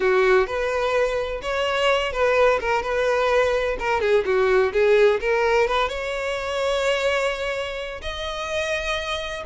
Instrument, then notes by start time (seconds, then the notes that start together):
violin
0.00 F#4
0.46 B4
1.42 C#5
2.12 B4
2.60 A#4
2.82 B4
3.79 A#4
4.00 G#4
4.25 F#4
4.72 G#4
5.20 A#4
5.67 B4
5.88 C#5
8.01 D#5